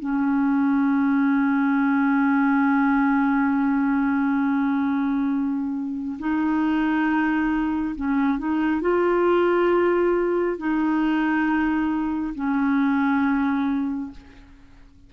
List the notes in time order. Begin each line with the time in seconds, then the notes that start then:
0.00 C#4
6.19 D#4
7.96 C#4
8.39 D#4
8.82 F4
10.58 D#4
12.35 C#4